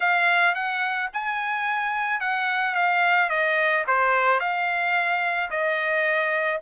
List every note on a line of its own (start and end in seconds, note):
0.00 0.55 F5
0.55 1.10 F#5
1.13 2.20 G#5
2.20 2.74 F#5
2.74 3.29 F5
3.29 3.84 D#5
3.87 4.40 C5
4.40 5.50 F5
5.50 6.60 D#5